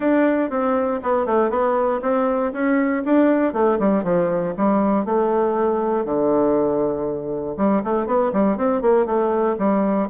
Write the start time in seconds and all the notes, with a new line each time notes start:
0.00 D4
0.50 C4
1.02 B3
1.26 A3
1.50 B3
2.02 C4
2.52 C#4
3.05 D4
3.53 A3
3.79 G3
4.03 F3
4.57 G3
5.05 A3
6.05 D3
7.57 G3
7.84 A3
8.06 B3
8.33 G3
8.57 C4
8.81 A#3
9.05 A3
9.58 G3